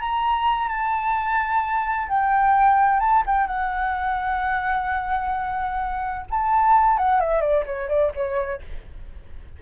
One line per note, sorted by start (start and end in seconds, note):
0.00 0.68 A#5
0.68 2.07 A5
2.08 3.00 G5
3.00 3.23 A5
3.26 3.47 G5
3.47 6.26 F#5
6.30 6.97 A5
6.97 7.20 F#5
7.20 7.41 E5
7.41 7.64 D5
7.65 7.88 C#5
7.88 8.12 D5
8.14 8.61 C#5